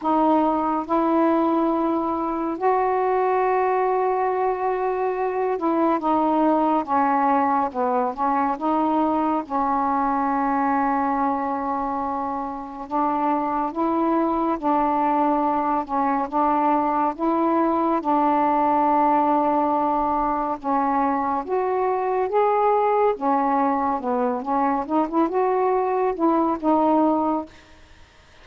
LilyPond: \new Staff \with { instrumentName = "saxophone" } { \time 4/4 \tempo 4 = 70 dis'4 e'2 fis'4~ | fis'2~ fis'8 e'8 dis'4 | cis'4 b8 cis'8 dis'4 cis'4~ | cis'2. d'4 |
e'4 d'4. cis'8 d'4 | e'4 d'2. | cis'4 fis'4 gis'4 cis'4 | b8 cis'8 dis'16 e'16 fis'4 e'8 dis'4 | }